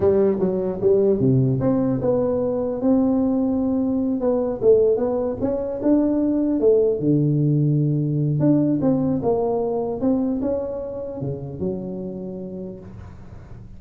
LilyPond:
\new Staff \with { instrumentName = "tuba" } { \time 4/4 \tempo 4 = 150 g4 fis4 g4 c4 | c'4 b2 c'4~ | c'2~ c'8 b4 a8~ | a8 b4 cis'4 d'4.~ |
d'8 a4 d2~ d8~ | d4 d'4 c'4 ais4~ | ais4 c'4 cis'2 | cis4 fis2. | }